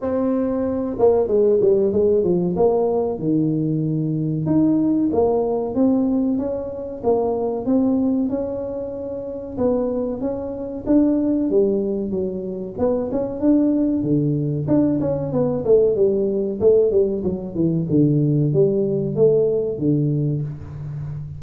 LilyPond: \new Staff \with { instrumentName = "tuba" } { \time 4/4 \tempo 4 = 94 c'4. ais8 gis8 g8 gis8 f8 | ais4 dis2 dis'4 | ais4 c'4 cis'4 ais4 | c'4 cis'2 b4 |
cis'4 d'4 g4 fis4 | b8 cis'8 d'4 d4 d'8 cis'8 | b8 a8 g4 a8 g8 fis8 e8 | d4 g4 a4 d4 | }